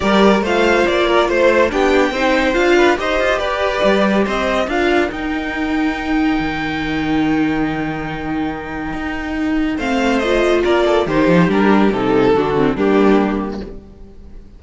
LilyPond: <<
  \new Staff \with { instrumentName = "violin" } { \time 4/4 \tempo 4 = 141 d''4 f''4 d''4 c''4 | g''2 f''4 dis''4 | d''2 dis''4 f''4 | g''1~ |
g''1~ | g''2. f''4 | dis''4 d''4 c''4 ais'4 | a'2 g'2 | }
  \new Staff \with { instrumentName = "violin" } { \time 4/4 ais'4 c''4. ais'8 c''4 | g'4 c''4. b'8 c''4 | b'2 c''4 ais'4~ | ais'1~ |
ais'1~ | ais'2. c''4~ | c''4 ais'8 a'8 g'2~ | g'4 fis'4 d'2 | }
  \new Staff \with { instrumentName = "viola" } { \time 4/4 g'4 f'2. | d'4 dis'4 f'4 g'4~ | g'2. f'4 | dis'1~ |
dis'1~ | dis'2. c'4 | f'2 dis'4 d'4 | dis'4 d'8 c'8 ais2 | }
  \new Staff \with { instrumentName = "cello" } { \time 4/4 g4 a4 ais4 a4 | b4 c'4 d'4 dis'8 f'8 | g'4 g4 c'4 d'4 | dis'2. dis4~ |
dis1~ | dis4 dis'2 a4~ | a4 ais4 dis8 f8 g4 | c4 d4 g2 | }
>>